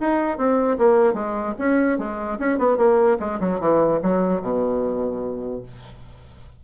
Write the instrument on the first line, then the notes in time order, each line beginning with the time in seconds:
bassoon
0.00 D#4
0.38 C4
0.78 A#3
1.14 G#3
1.59 C#4
1.98 G#3
2.39 C#4
2.58 B3
2.77 A#3
3.20 G#3
3.40 F#3
3.60 E3
4.03 F#3
4.42 B2